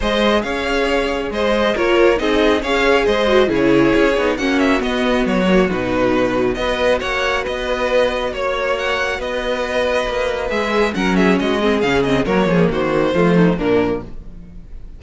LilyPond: <<
  \new Staff \with { instrumentName = "violin" } { \time 4/4 \tempo 4 = 137 dis''4 f''2 dis''4 | cis''4 dis''4 f''4 dis''4 | cis''2 fis''8 e''8 dis''4 | cis''4 b'2 dis''4 |
fis''4 dis''2 cis''4 | fis''4 dis''2. | e''4 fis''8 e''8 dis''4 f''8 dis''8 | cis''4 c''2 ais'4 | }
  \new Staff \with { instrumentName = "violin" } { \time 4/4 c''4 cis''2 c''4 | ais'4 gis'4 cis''4 c''4 | gis'2 fis'2~ | fis'2. b'4 |
cis''4 b'2 cis''4~ | cis''4 b'2.~ | b'4 ais'8 gis'8 fis'8 gis'4. | ais'8 gis'8 fis'4 f'8 dis'8 d'4 | }
  \new Staff \with { instrumentName = "viola" } { \time 4/4 gis'1 | f'4 dis'4 gis'4. fis'8 | e'4. dis'8 cis'4 b4~ | b8 ais8 dis'2 fis'4~ |
fis'1~ | fis'1 | gis'4 cis'4. c'8 cis'8 c'8 | ais2 a4 ais4 | }
  \new Staff \with { instrumentName = "cello" } { \time 4/4 gis4 cis'2 gis4 | ais4 c'4 cis'4 gis4 | cis4 cis'8 b8 ais4 b4 | fis4 b,2 b4 |
ais4 b2 ais4~ | ais4 b2 ais4 | gis4 fis4 gis4 cis4 | fis8 f8 dis4 f4 ais,4 | }
>>